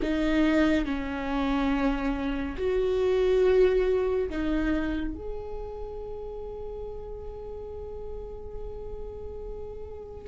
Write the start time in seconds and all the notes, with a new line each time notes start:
0.02 D#4
0.85 C#4
2.57 F#4
4.29 D#4
5.14 G#4